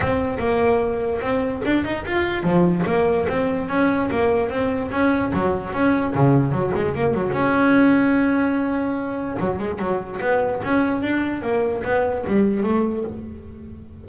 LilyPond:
\new Staff \with { instrumentName = "double bass" } { \time 4/4 \tempo 4 = 147 c'4 ais2 c'4 | d'8 dis'8 f'4 f4 ais4 | c'4 cis'4 ais4 c'4 | cis'4 fis4 cis'4 cis4 |
fis8 gis8 ais8 fis8 cis'2~ | cis'2. fis8 gis8 | fis4 b4 cis'4 d'4 | ais4 b4 g4 a4 | }